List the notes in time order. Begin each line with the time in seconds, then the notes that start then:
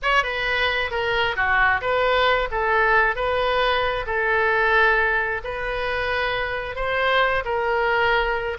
0.02 C#5
0.23 B4
0.90 A#4
1.35 F#4
1.81 B4
2.51 A4
3.15 B4
4.06 A4
5.44 B4
6.75 C5
7.44 A#4